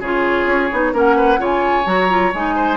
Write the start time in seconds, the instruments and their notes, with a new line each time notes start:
0.00 bassoon C#3, clarinet F4, oboe G#4, flute C#5
0.46 bassoon C#4
0.72 bassoon B3, clarinet D#4
0.93 bassoon A#3, clarinet C#4, oboe A#4, flute F#5
1.17 oboe B4
1.38 bassoon C#3, clarinet F4, oboe C#5, flute G#5
1.85 bassoon F#3, clarinet F#4, flute A#5
2.09 clarinet F4
2.34 bassoon G#3, clarinet D#4, flute G#5
2.56 oboe C5